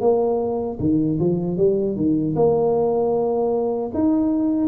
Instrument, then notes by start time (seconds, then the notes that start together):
tuba
0.00 A#3
0.79 D#3
1.19 F3
1.57 G3
1.96 D#3
2.35 A#3
3.94 D#4